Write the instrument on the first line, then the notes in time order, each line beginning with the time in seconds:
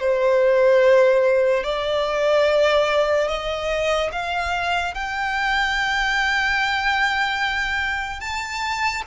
violin
0.00 C5
1.64 D5
3.28 D#5
4.12 F5
4.95 G5
8.21 A5